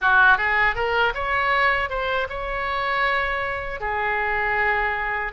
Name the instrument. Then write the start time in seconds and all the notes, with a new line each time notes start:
oboe
0.01 F#4
0.37 G#4
0.75 A#4
1.14 C#5
1.90 C5
2.29 C#5
3.80 G#4